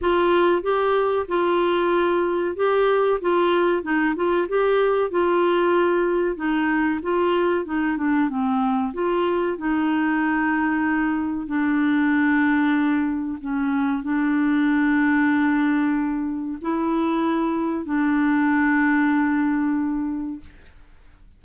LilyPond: \new Staff \with { instrumentName = "clarinet" } { \time 4/4 \tempo 4 = 94 f'4 g'4 f'2 | g'4 f'4 dis'8 f'8 g'4 | f'2 dis'4 f'4 | dis'8 d'8 c'4 f'4 dis'4~ |
dis'2 d'2~ | d'4 cis'4 d'2~ | d'2 e'2 | d'1 | }